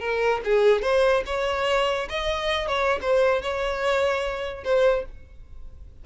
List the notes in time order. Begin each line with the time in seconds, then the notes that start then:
0.00 A#4
0.44 G#4
0.82 C5
1.26 C#5
2.09 D#5
2.68 C#5
3.02 C5
3.42 C#5
4.64 C5